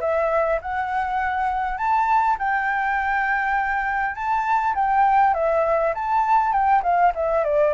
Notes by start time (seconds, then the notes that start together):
0.00 E5
0.61 F#5
1.77 A5
2.38 G5
4.15 A5
4.75 G5
5.34 E5
5.94 A5
6.52 G5
6.82 F5
7.15 E5
7.44 D5